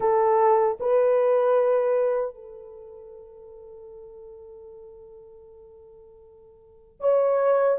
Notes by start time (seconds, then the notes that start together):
0.00 A4
0.80 B4
2.34 A4
7.00 C#5